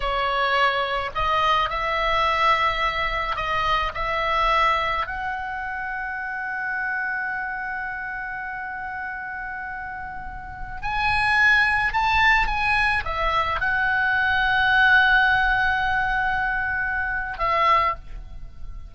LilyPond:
\new Staff \with { instrumentName = "oboe" } { \time 4/4 \tempo 4 = 107 cis''2 dis''4 e''4~ | e''2 dis''4 e''4~ | e''4 fis''2.~ | fis''1~ |
fis''2.~ fis''16 gis''8.~ | gis''4~ gis''16 a''4 gis''4 e''8.~ | e''16 fis''2.~ fis''8.~ | fis''2. e''4 | }